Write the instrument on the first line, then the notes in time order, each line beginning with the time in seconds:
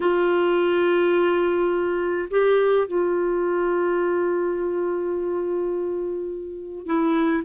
clarinet
0.00 F4
2.30 G4
2.87 F4
6.86 E4